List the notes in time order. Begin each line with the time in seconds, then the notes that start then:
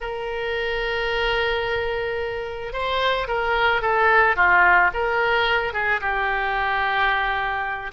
0.00 A#4
2.72 C5
3.27 A#4
3.81 A4
4.36 F4
4.93 A#4
5.73 G#4
6.00 G4